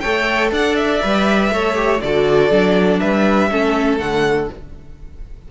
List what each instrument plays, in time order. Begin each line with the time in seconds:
0.00 cello A3, viola A4, violin C#5 G5
0.51 cello D4, violin D5 F#5
0.76 violin E5
1.02 cello G3, viola B4
1.51 cello A3, viola A4, violin C#5
1.75 viola G4
2.01 cello D3, viola F#4, violin A4 D5
2.50 cello F#3, viola D4
3.00 cello G3, violin B4 E5
3.51 cello A3, viola C#4, violin A4
3.99 cello D3, viola A3, violin F#5